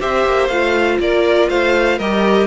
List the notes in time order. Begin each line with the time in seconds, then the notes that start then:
0.00 C4 G4 C5 E5
0.25 A#3
0.48 A3 F4 F5
1.00 A#3 A#4 D5
1.49 A3 C5 F5
1.98 G3 G4 A#4 D#5